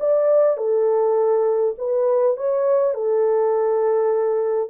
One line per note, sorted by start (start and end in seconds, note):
0.00 0.57 D5
0.57 1.75 A4
1.78 2.37 B4
2.37 2.94 C#5
2.94 4.70 A4